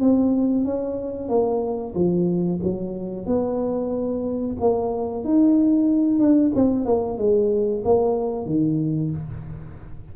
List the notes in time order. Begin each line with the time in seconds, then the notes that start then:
0.00 C4
0.64 C#4
1.28 A#3
1.95 F3
2.63 F#3
3.26 B3
4.60 A#3
5.24 D#4
6.19 D4
6.55 C4
6.85 A#3
7.18 G#3
7.84 A#3
8.46 D#3